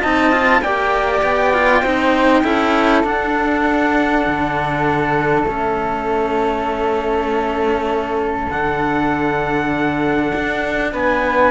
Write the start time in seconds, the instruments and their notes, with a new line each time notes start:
0.00 cello C4 D#4, flute D#5, trumpet A5
0.32 cello F4
0.61 cello A#3 G4, flute D5, trumpet G5
1.23 cello B3
1.54 cello F4
1.82 cello C4 D#4, flute C5
2.44 cello C#4 E4, flute A4
3.04 cello D4, trumpet F#5
4.27 cello D3
5.44 cello A3 C#4, trumpet E5
8.50 cello D3 D4, trumpet F#5
10.35 cello D4
10.92 cello B3, flute B4, trumpet G#5